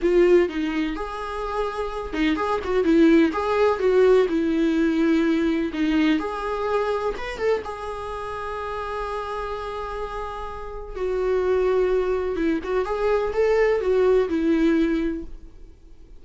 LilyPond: \new Staff \with { instrumentName = "viola" } { \time 4/4 \tempo 4 = 126 f'4 dis'4 gis'2~ | gis'8 dis'8 gis'8 fis'8 e'4 gis'4 | fis'4 e'2. | dis'4 gis'2 b'8 a'8 |
gis'1~ | gis'2. fis'4~ | fis'2 e'8 fis'8 gis'4 | a'4 fis'4 e'2 | }